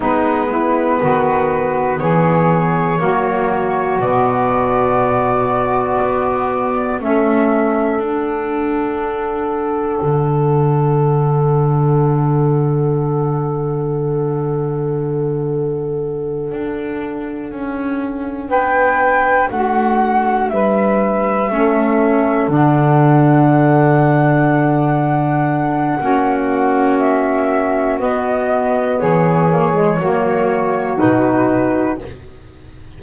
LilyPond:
<<
  \new Staff \with { instrumentName = "flute" } { \time 4/4 \tempo 4 = 60 b'2 cis''2 | d''2. e''4 | fis''1~ | fis''1~ |
fis''2~ fis''8 g''4 fis''8~ | fis''8 e''2 fis''4.~ | fis''2. e''4 | dis''4 cis''2 b'4 | }
  \new Staff \with { instrumentName = "saxophone" } { \time 4/4 dis'8 e'8 fis'4 gis'4 fis'4~ | fis'2. a'4~ | a'1~ | a'1~ |
a'2~ a'8 b'4 fis'8~ | fis'8 b'4 a'2~ a'8~ | a'2 fis'2~ | fis'4 gis'4 fis'2 | }
  \new Staff \with { instrumentName = "saxophone" } { \time 4/4 b2. ais4 | b2. cis'4 | d'1~ | d'1~ |
d'1~ | d'4. cis'4 d'4.~ | d'2 cis'2 | b4. ais16 gis16 ais4 dis'4 | }
  \new Staff \with { instrumentName = "double bass" } { \time 4/4 gis4 dis4 e4 fis4 | b,2 b4 a4 | d'2 d2~ | d1~ |
d8 d'4 cis'4 b4 a8~ | a8 g4 a4 d4.~ | d2 ais2 | b4 e4 fis4 b,4 | }
>>